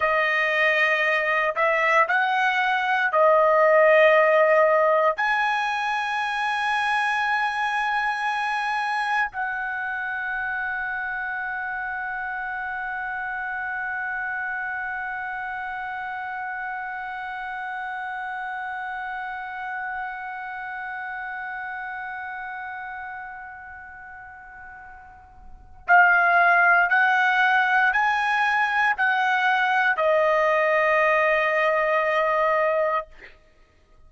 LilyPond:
\new Staff \with { instrumentName = "trumpet" } { \time 4/4 \tempo 4 = 58 dis''4. e''8 fis''4 dis''4~ | dis''4 gis''2.~ | gis''4 fis''2.~ | fis''1~ |
fis''1~ | fis''1~ | fis''4 f''4 fis''4 gis''4 | fis''4 dis''2. | }